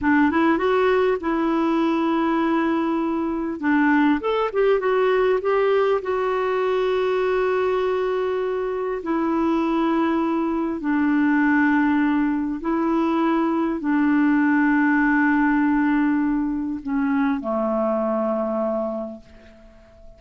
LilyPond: \new Staff \with { instrumentName = "clarinet" } { \time 4/4 \tempo 4 = 100 d'8 e'8 fis'4 e'2~ | e'2 d'4 a'8 g'8 | fis'4 g'4 fis'2~ | fis'2. e'4~ |
e'2 d'2~ | d'4 e'2 d'4~ | d'1 | cis'4 a2. | }